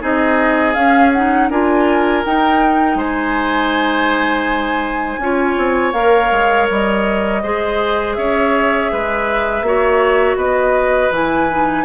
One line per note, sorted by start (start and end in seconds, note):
0.00 0.76 C4
0.00 0.74 D#4
0.00 1.49 G#4
0.00 0.75 D#5
0.75 1.50 C#4
0.75 1.14 C#4
0.75 1.12 F5
1.13 1.52 D#4
1.13 1.50 F#5
1.50 2.24 D4
1.50 2.25 F4
1.50 2.98 A#4
1.50 2.25 G#5
2.25 5.21 D#4
2.25 2.96 D#4
2.25 3.00 G5
2.96 5.18 G#3
2.96 5.20 C5
2.96 5.93 G#5
5.19 5.56 C#4
5.19 5.94 F4
5.19 7.43 C#5
5.58 5.93 C4
5.93 6.30 A#3
5.93 7.42 A#4
5.93 6.67 F5
6.32 6.69 G#3
6.70 7.44 G3
6.70 8.15 D#5
7.43 8.17 G#3
7.43 9.66 G#4
7.43 8.17 C5
8.15 8.91 C#4
8.15 8.92 C#5
8.15 10.37 E5
8.92 9.62 G#3
8.92 9.66 B4
9.62 10.36 A#3
9.62 11.12 F#4
9.62 10.37 C#5
10.36 11.10 B3
10.36 11.85 B4
10.36 11.12 D#5
11.11 11.85 E3
11.11 11.49 E4
11.11 11.85 G#5
11.51 11.85 D#4